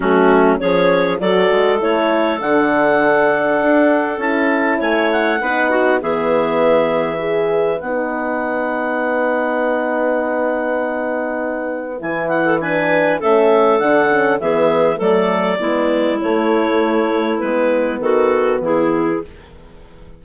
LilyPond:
<<
  \new Staff \with { instrumentName = "clarinet" } { \time 4/4 \tempo 4 = 100 fis'4 cis''4 d''4 cis''4 | fis''2. a''4 | gis''8 fis''4. e''2~ | e''4 fis''2.~ |
fis''1 | gis''8 fis''8 gis''4 e''4 fis''4 | e''4 d''2 cis''4~ | cis''4 b'4 a'4 gis'4 | }
  \new Staff \with { instrumentName = "clarinet" } { \time 4/4 cis'4 gis'4 a'2~ | a'1 | cis''4 b'8 fis'8 gis'2 | b'1~ |
b'1~ | b'8. a'16 b'4 a'2 | gis'4 a'4 e'2~ | e'2 fis'4 e'4 | }
  \new Staff \with { instrumentName = "horn" } { \time 4/4 a4 cis'4 fis'4 e'4 | d'2. e'4~ | e'4 dis'4 b2 | gis'4 dis'2.~ |
dis'1 | e'4 d'4 cis'4 d'8 cis'8 | b4 a4 b4 a4~ | a4 b2. | }
  \new Staff \with { instrumentName = "bassoon" } { \time 4/4 fis4 f4 fis8 gis8 a4 | d2 d'4 cis'4 | a4 b4 e2~ | e4 b2.~ |
b1 | e2 a4 d4 | e4 fis4 gis4 a4~ | a4 gis4 dis4 e4 | }
>>